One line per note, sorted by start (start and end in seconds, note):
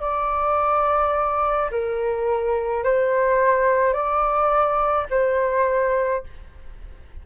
0.00 1.70 D5
1.71 2.84 A#4
2.84 3.93 C5
3.93 5.06 D5
5.10 6.23 C5